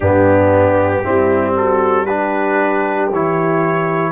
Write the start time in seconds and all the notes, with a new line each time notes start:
0.00 G2 B3 D4 G4
1.03 G3 C4 E4
1.56 F#4 A4
2.05 D4 G4 B4
3.11 E3 E4 C#5